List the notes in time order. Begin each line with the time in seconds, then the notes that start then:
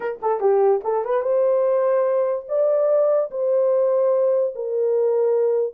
0.00 A#4
0.21 A4
0.40 G4
0.84 A4
1.05 B4
1.22 C5
2.48 D5
3.31 C5
4.55 A#4